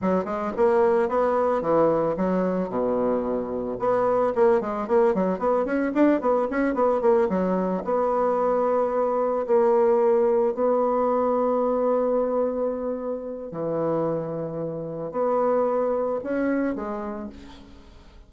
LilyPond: \new Staff \with { instrumentName = "bassoon" } { \time 4/4 \tempo 4 = 111 fis8 gis8 ais4 b4 e4 | fis4 b,2 b4 | ais8 gis8 ais8 fis8 b8 cis'8 d'8 b8 | cis'8 b8 ais8 fis4 b4.~ |
b4. ais2 b8~ | b1~ | b4 e2. | b2 cis'4 gis4 | }